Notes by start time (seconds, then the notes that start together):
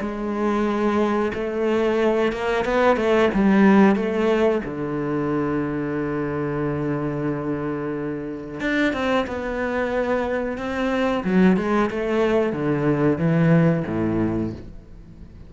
0.00 G#3
1.34 A3
2.33 A#3
2.65 B3
2.96 A3
3.34 G3
3.96 A3
4.65 D3
8.60 D4
8.93 C4
9.27 B3
10.58 C4
11.24 F#3
11.57 G#3
11.90 A3
12.53 D3
13.18 E3
13.87 A2